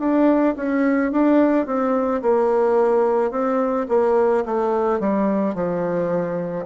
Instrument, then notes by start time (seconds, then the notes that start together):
bassoon
0.00 D4
0.57 C#4
1.12 D4
1.67 C4
2.22 A#3
3.31 C4
3.89 A#3
4.46 A3
5.01 G3
5.55 F3